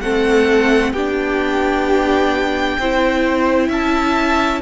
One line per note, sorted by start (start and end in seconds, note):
0.00 0.92 A3
0.00 0.95 C4
0.00 0.93 A4
0.00 0.92 F#5
0.92 2.77 B3
0.92 2.81 D4
0.92 2.77 G4
0.92 3.70 G5
2.78 3.68 C4
2.78 4.61 E4
2.78 3.68 C5
3.68 4.61 C#4
3.68 4.60 E5
3.68 4.61 A5